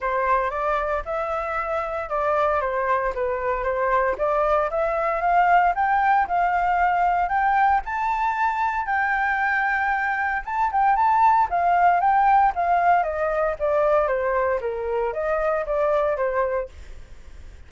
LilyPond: \new Staff \with { instrumentName = "flute" } { \time 4/4 \tempo 4 = 115 c''4 d''4 e''2 | d''4 c''4 b'4 c''4 | d''4 e''4 f''4 g''4 | f''2 g''4 a''4~ |
a''4 g''2. | a''8 g''8 a''4 f''4 g''4 | f''4 dis''4 d''4 c''4 | ais'4 dis''4 d''4 c''4 | }